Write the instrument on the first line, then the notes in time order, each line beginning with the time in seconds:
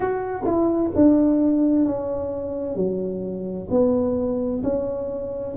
tuba
0.00 F#4
0.44 E4
0.95 D4
1.85 C#4
2.75 F#3
3.70 B3
4.63 C#4